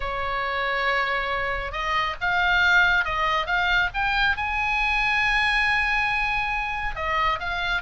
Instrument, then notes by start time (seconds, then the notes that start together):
oboe
0.00 C#5
1.72 D#5
2.20 F5
3.05 D#5
3.46 F5
3.94 G5
4.36 G#5
6.95 D#5
7.39 F5